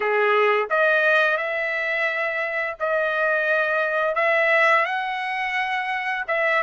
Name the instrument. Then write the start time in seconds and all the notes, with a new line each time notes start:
trumpet
0.00 G#4
0.70 D#5
1.37 E5
2.79 D#5
4.15 E5
4.85 F#5
6.27 E5